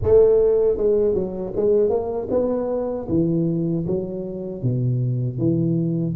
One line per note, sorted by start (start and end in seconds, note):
0.02 0.77 A3
0.77 1.14 G#3
1.14 1.52 F#3
1.56 1.89 G#3
1.89 2.28 A#3
2.30 3.07 B3
3.08 3.85 E3
3.87 4.62 F#3
4.62 5.38 B2
5.38 6.15 E3